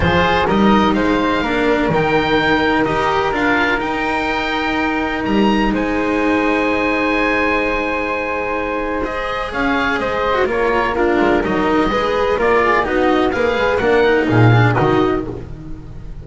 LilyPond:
<<
  \new Staff \with { instrumentName = "oboe" } { \time 4/4 \tempo 4 = 126 c''4 dis''4 f''2 | g''2 dis''4 f''4 | g''2. ais''4 | gis''1~ |
gis''2. dis''4 | f''4 dis''4 cis''4 ais'4 | dis''2 d''4 dis''4 | f''4 fis''4 f''4 dis''4 | }
  \new Staff \with { instrumentName = "flute" } { \time 4/4 gis'4 ais'4 c''4 ais'4~ | ais'1~ | ais'1 | c''1~ |
c''1 | cis''4 c''4 ais'4 f'4 | ais'4 b'4 ais'8 gis'8 fis'4 | b'4 ais'4 gis'4 fis'4 | }
  \new Staff \with { instrumentName = "cello" } { \time 4/4 f'4 dis'2 d'4 | dis'2 g'4 f'4 | dis'1~ | dis'1~ |
dis'2. gis'4~ | gis'4.~ gis'16 fis'16 f'4 d'4 | dis'4 gis'4 f'4 dis'4 | gis'4 d'8 dis'4 d'8 dis'4 | }
  \new Staff \with { instrumentName = "double bass" } { \time 4/4 f4 g4 gis4 ais4 | dis2 dis'4 d'4 | dis'2. g4 | gis1~ |
gis1 | cis'4 gis4 ais4. gis8 | fis4 gis4 ais4 b4 | ais8 gis8 ais4 ais,4 dis4 | }
>>